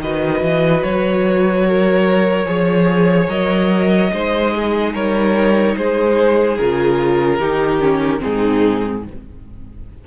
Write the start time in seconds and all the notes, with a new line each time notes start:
0.00 D#3 F#4 B4 D#5
0.42 E3
0.83 F#3 C#5
1.67 A#4
2.46 F3 G#4 C#5
3.28 F#3 A#4 D#5
4.13 G#3 D#4 C5
4.55 G#4
4.93 G3 A#4 C#5
5.77 G#3 G#4 C5
6.58 C#3 F4 A#4
7.39 D#3 D#4 G4
7.81 C#4
8.20 G#2 C4 D#4 G#4